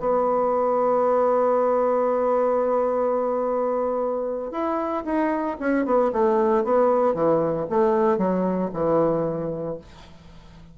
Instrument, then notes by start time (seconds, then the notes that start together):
bassoon
0.00 B3
4.52 E4
5.05 D#4
5.60 C#4
5.86 B3
6.13 A3
6.64 B3
7.14 E3
7.70 A3
8.18 F#3
8.74 E3